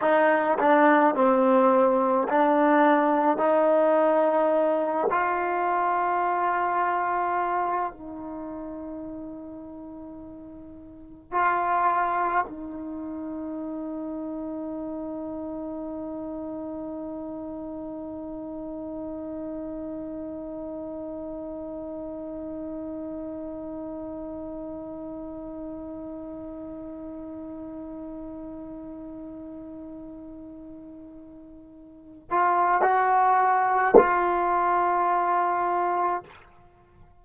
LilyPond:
\new Staff \with { instrumentName = "trombone" } { \time 4/4 \tempo 4 = 53 dis'8 d'8 c'4 d'4 dis'4~ | dis'8 f'2~ f'8 dis'4~ | dis'2 f'4 dis'4~ | dis'1~ |
dis'1~ | dis'1~ | dis'1~ | dis'8 f'8 fis'4 f'2 | }